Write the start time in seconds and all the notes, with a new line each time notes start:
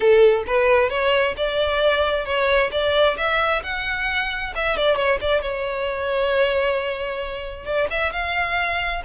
0.00 A4
0.46 B4
0.89 C#5
1.36 D5
2.25 C#5
2.71 D5
3.17 E5
3.63 F#5
4.55 E5
4.77 D5
4.96 C#5
5.20 D5
5.41 C#5
7.65 D5
7.90 E5
8.12 F5